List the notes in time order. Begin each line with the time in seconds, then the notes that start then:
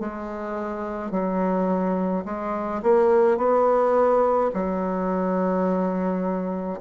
0.00 G#3
1.11 F#3
2.25 G#3
2.83 A#3
3.38 B3
4.54 F#3